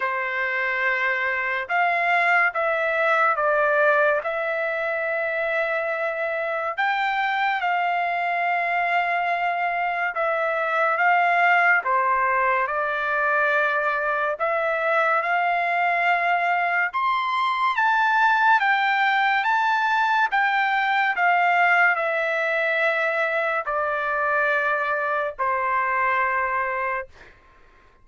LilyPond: \new Staff \with { instrumentName = "trumpet" } { \time 4/4 \tempo 4 = 71 c''2 f''4 e''4 | d''4 e''2. | g''4 f''2. | e''4 f''4 c''4 d''4~ |
d''4 e''4 f''2 | c'''4 a''4 g''4 a''4 | g''4 f''4 e''2 | d''2 c''2 | }